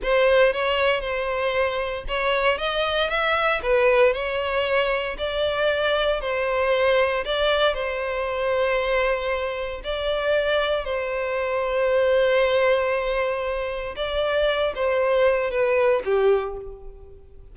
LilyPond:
\new Staff \with { instrumentName = "violin" } { \time 4/4 \tempo 4 = 116 c''4 cis''4 c''2 | cis''4 dis''4 e''4 b'4 | cis''2 d''2 | c''2 d''4 c''4~ |
c''2. d''4~ | d''4 c''2.~ | c''2. d''4~ | d''8 c''4. b'4 g'4 | }